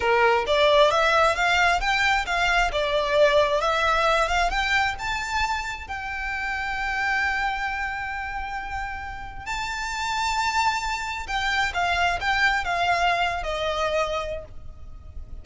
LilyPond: \new Staff \with { instrumentName = "violin" } { \time 4/4 \tempo 4 = 133 ais'4 d''4 e''4 f''4 | g''4 f''4 d''2 | e''4. f''8 g''4 a''4~ | a''4 g''2.~ |
g''1~ | g''4 a''2.~ | a''4 g''4 f''4 g''4 | f''4.~ f''16 dis''2~ dis''16 | }